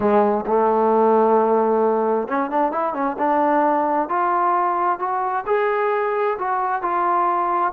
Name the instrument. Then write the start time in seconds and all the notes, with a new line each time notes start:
trombone
0.00 G#3
0.46 A3
2.28 C#4
2.50 D4
2.72 E4
2.93 C#4
3.18 D4
4.08 F4
4.99 F#4
5.46 G#4
6.38 F#4
6.82 F4